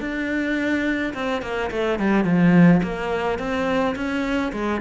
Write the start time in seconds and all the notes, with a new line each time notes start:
0.00 D4
1.14 C4
1.42 A#3
1.70 A3
1.99 G3
2.24 F3
2.83 A#3
3.38 C4
3.95 C#4
4.52 G#3